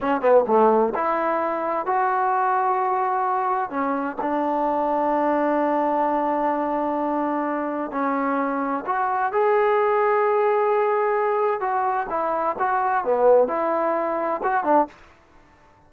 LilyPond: \new Staff \with { instrumentName = "trombone" } { \time 4/4 \tempo 4 = 129 cis'8 b8 a4 e'2 | fis'1 | cis'4 d'2.~ | d'1~ |
d'4 cis'2 fis'4 | gis'1~ | gis'4 fis'4 e'4 fis'4 | b4 e'2 fis'8 d'8 | }